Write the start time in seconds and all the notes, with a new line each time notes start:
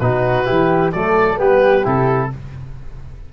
0.00 B2 D#4 F#4 B4
0.45 E3 E4 G4
0.93 F#3 A3 A4 D5
1.36 G3 B3 G4 B4
1.85 C3 E4 A4